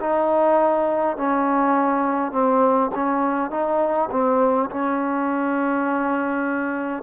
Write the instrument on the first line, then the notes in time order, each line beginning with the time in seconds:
trombone
0.00 D#4
1.17 C#4
2.32 C4
2.95 C#4
3.51 D#4
4.11 C4
4.71 C#4